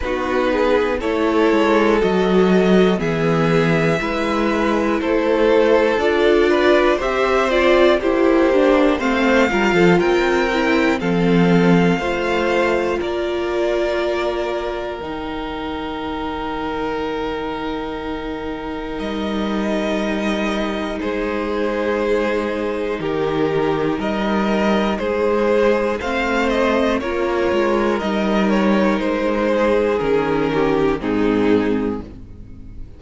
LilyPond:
<<
  \new Staff \with { instrumentName = "violin" } { \time 4/4 \tempo 4 = 60 b'4 cis''4 dis''4 e''4~ | e''4 c''4 d''4 e''8 d''8 | c''4 f''4 g''4 f''4~ | f''4 d''2 g''4~ |
g''2. dis''4~ | dis''4 c''2 ais'4 | dis''4 c''4 f''8 dis''8 cis''4 | dis''8 cis''8 c''4 ais'4 gis'4 | }
  \new Staff \with { instrumentName = "violin" } { \time 4/4 fis'8 gis'8 a'2 gis'4 | b'4 a'4. b'8 c''4 | g'4 c''8 ais'16 a'16 ais'4 a'4 | c''4 ais'2.~ |
ais'1~ | ais'4 gis'2 g'4 | ais'4 gis'4 c''4 ais'4~ | ais'4. gis'4 g'8 dis'4 | }
  \new Staff \with { instrumentName = "viola" } { \time 4/4 dis'4 e'4 fis'4 b4 | e'2 f'4 g'8 f'8 | e'8 d'8 c'8 f'4 e'8 c'4 | f'2. dis'4~ |
dis'1~ | dis'1~ | dis'2 c'4 f'4 | dis'2 cis'4 c'4 | }
  \new Staff \with { instrumentName = "cello" } { \time 4/4 b4 a8 gis8 fis4 e4 | gis4 a4 d'4 c'4 | ais4 a8 g16 f16 c'4 f4 | a4 ais2 dis4~ |
dis2. g4~ | g4 gis2 dis4 | g4 gis4 a4 ais8 gis8 | g4 gis4 dis4 gis,4 | }
>>